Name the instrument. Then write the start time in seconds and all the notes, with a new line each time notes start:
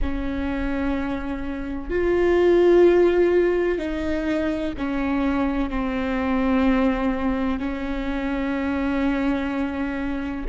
viola
0.01 C#4
1.90 F4
3.78 D#4
4.77 C#4
5.69 C4
7.59 C#4